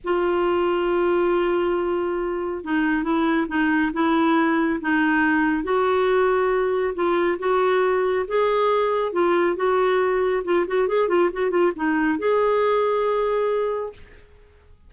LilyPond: \new Staff \with { instrumentName = "clarinet" } { \time 4/4 \tempo 4 = 138 f'1~ | f'2 dis'4 e'4 | dis'4 e'2 dis'4~ | dis'4 fis'2. |
f'4 fis'2 gis'4~ | gis'4 f'4 fis'2 | f'8 fis'8 gis'8 f'8 fis'8 f'8 dis'4 | gis'1 | }